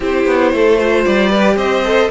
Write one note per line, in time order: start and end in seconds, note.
0.00 0.26 C4
0.00 0.79 E4
0.00 0.52 G4
0.00 1.04 C5
0.26 0.52 B3
0.53 1.05 A3
0.53 0.78 A4
0.78 1.32 F4
0.78 1.29 C5
1.04 1.55 G3
1.04 1.57 D5
1.29 1.85 G4
1.29 1.56 B4
1.55 2.08 C4
1.55 2.10 C5
1.55 2.10 D#5
1.85 2.10 A4